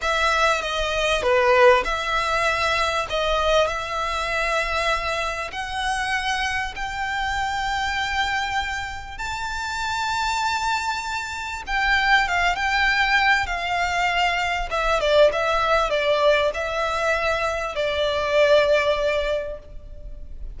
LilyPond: \new Staff \with { instrumentName = "violin" } { \time 4/4 \tempo 4 = 98 e''4 dis''4 b'4 e''4~ | e''4 dis''4 e''2~ | e''4 fis''2 g''4~ | g''2. a''4~ |
a''2. g''4 | f''8 g''4. f''2 | e''8 d''8 e''4 d''4 e''4~ | e''4 d''2. | }